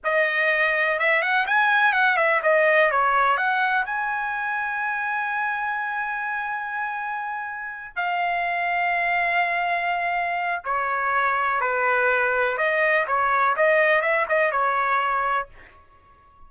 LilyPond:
\new Staff \with { instrumentName = "trumpet" } { \time 4/4 \tempo 4 = 124 dis''2 e''8 fis''8 gis''4 | fis''8 e''8 dis''4 cis''4 fis''4 | gis''1~ | gis''1~ |
gis''8 f''2.~ f''8~ | f''2 cis''2 | b'2 dis''4 cis''4 | dis''4 e''8 dis''8 cis''2 | }